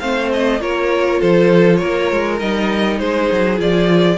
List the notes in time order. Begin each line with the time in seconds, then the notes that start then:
0.00 A3 C4 C5 F5
0.34 D#5
0.61 A#3 F4 A#4 C#5
1.21 F3 A4 C5
1.76 A#4 C#5
1.82 A#3
2.12 G#3
2.40 G3 D#4 D#5
2.99 G#3 G#4 C5
3.33 F#3
3.57 F3 F4 D5